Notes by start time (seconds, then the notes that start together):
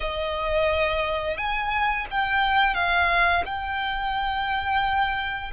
0.00 D#5
1.37 G#5
2.10 G5
2.74 F5
3.45 G5